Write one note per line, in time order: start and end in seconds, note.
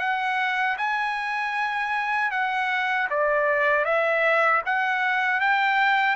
0.00 0.77 F#5
0.78 2.31 G#5
2.31 3.08 F#5
3.10 3.85 D5
3.85 4.62 E5
4.66 5.41 F#5
5.41 6.16 G5